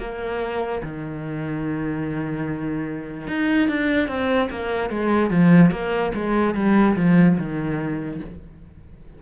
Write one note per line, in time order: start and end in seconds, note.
0.00 0.82 A#3
0.83 3.28 D#3
3.28 3.69 D#4
3.69 4.09 D4
4.09 4.50 C4
4.51 4.90 A#3
4.90 5.31 G#3
5.31 5.71 F3
5.71 6.12 A#3
6.15 6.55 G#3
6.55 6.96 G3
6.97 7.38 F3
7.38 8.20 D#3